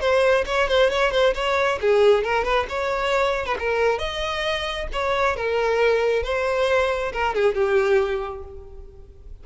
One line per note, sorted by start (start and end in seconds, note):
0.00 0.44 C5
0.46 0.68 C#5
0.68 0.90 C5
0.90 1.12 C#5
1.12 1.34 C5
1.35 1.79 C#5
1.81 2.24 G#4
2.24 2.44 A#4
2.44 2.66 B4
2.69 3.46 C#5
3.46 3.57 B4
3.59 3.99 A#4
3.99 4.88 D#5
4.93 5.36 C#5
5.36 6.23 A#4
6.23 7.12 C5
7.13 7.35 A#4
7.35 7.55 G#4
7.55 8.44 G4